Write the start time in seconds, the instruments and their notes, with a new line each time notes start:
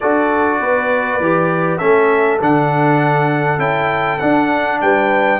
0.00 tuba D4, trombone F#4, horn A4, trumpet D5
0.60 tuba B3, horn B4
1.20 tuba E3, trombone G4
1.78 tuba A3, trombone C#4, horn A4, trumpet E5
2.41 tuba D3, trombone D4, trumpet F#5
3.58 tuba C#4, trombone E4, trumpet G5
4.18 trombone D4, tuba D4, trumpet F#5
4.81 tuba G3, horn B4, trumpet G5